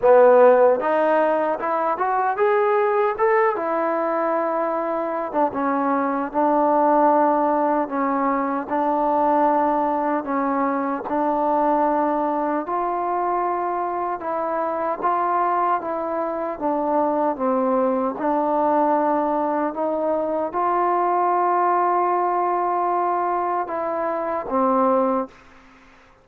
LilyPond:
\new Staff \with { instrumentName = "trombone" } { \time 4/4 \tempo 4 = 76 b4 dis'4 e'8 fis'8 gis'4 | a'8 e'2~ e'16 d'16 cis'4 | d'2 cis'4 d'4~ | d'4 cis'4 d'2 |
f'2 e'4 f'4 | e'4 d'4 c'4 d'4~ | d'4 dis'4 f'2~ | f'2 e'4 c'4 | }